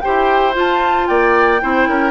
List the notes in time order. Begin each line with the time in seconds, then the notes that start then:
0.00 G4 C5 G5
0.06 E4
0.53 F4 A5
1.07 A#3 D5 G5
1.61 C4 E4 C5
1.87 C#4 A#4